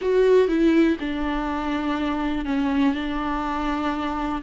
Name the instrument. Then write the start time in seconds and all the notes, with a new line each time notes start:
viola
0.01 F#4
0.48 E4
0.99 D4
2.45 C#4
2.94 D4